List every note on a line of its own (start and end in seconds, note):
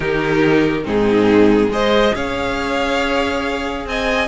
0.00 0.86 D#3
0.00 0.83 D#4
0.00 0.83 G4
0.00 0.85 A#4
0.83 1.69 G#2
0.83 1.69 C4
0.83 1.71 D#4
0.83 1.72 G#4
1.69 2.12 G#3
1.69 4.28 G#4
1.69 2.14 C5
1.69 2.15 D#5
2.14 3.86 C#4
2.14 3.86 C#5
2.14 3.86 F5
3.86 4.28 C4
3.86 4.28 D#5
3.86 4.28 G#5